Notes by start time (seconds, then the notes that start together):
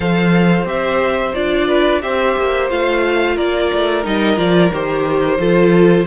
0.00 F3 A4 C5 F5
0.64 C4 G4 E5
1.34 D4 F4 D5
1.67 B4
2.02 C4 G4 C5 E5
2.37 A#3
2.69 A3 F4 F5
3.35 A#3 A#4 D5
3.73 A3
4.03 G3 D#4 D#5
4.36 F3 F4 D5
4.73 D#3 G4 C5
5.38 F3 F4 A4